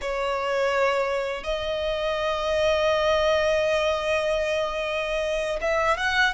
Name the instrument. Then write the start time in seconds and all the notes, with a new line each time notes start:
violin
0.01 C#5
1.43 D#5
5.61 E5
5.97 F#5